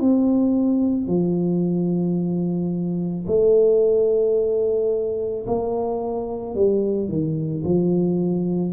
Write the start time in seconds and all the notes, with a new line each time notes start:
0.00 C4
1.07 F3
3.27 A3
5.46 A#3
6.55 G3
7.08 D#3
7.64 F3